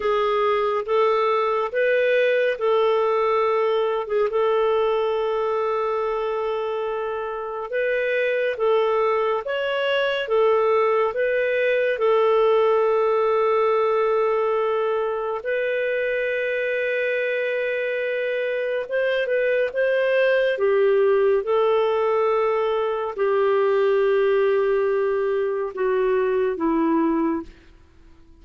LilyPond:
\new Staff \with { instrumentName = "clarinet" } { \time 4/4 \tempo 4 = 70 gis'4 a'4 b'4 a'4~ | a'8. gis'16 a'2.~ | a'4 b'4 a'4 cis''4 | a'4 b'4 a'2~ |
a'2 b'2~ | b'2 c''8 b'8 c''4 | g'4 a'2 g'4~ | g'2 fis'4 e'4 | }